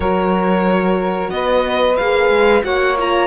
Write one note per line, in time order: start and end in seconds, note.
0.00 1.28 F#3
0.00 1.94 F#4
0.00 1.32 A#4
0.00 1.30 C#5
1.30 1.96 B3
1.30 2.64 B4
1.30 1.96 D#5
1.96 2.29 A#3
1.96 2.62 G#4
1.96 2.62 F5
2.29 2.62 G#3
2.62 3.27 A#3
2.62 2.95 F#4
2.62 3.27 C#5
2.62 2.97 F#5
2.97 3.27 F4
2.97 3.27 A#5